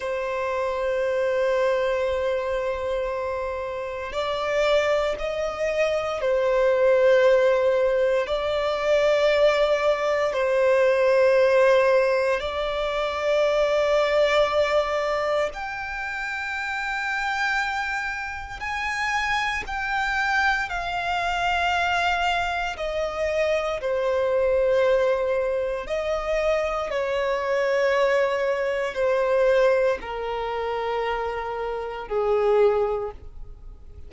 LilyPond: \new Staff \with { instrumentName = "violin" } { \time 4/4 \tempo 4 = 58 c''1 | d''4 dis''4 c''2 | d''2 c''2 | d''2. g''4~ |
g''2 gis''4 g''4 | f''2 dis''4 c''4~ | c''4 dis''4 cis''2 | c''4 ais'2 gis'4 | }